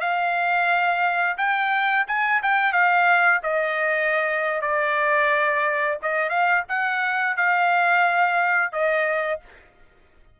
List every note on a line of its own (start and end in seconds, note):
0.00 1.36 F5
1.37 2.05 G5
2.07 2.41 G#5
2.42 2.72 G5
2.72 3.41 F5
3.43 4.61 D#5
4.61 5.98 D5
6.02 6.29 D#5
6.29 6.63 F5
6.68 7.36 F#5
7.36 8.72 F5
8.72 9.40 D#5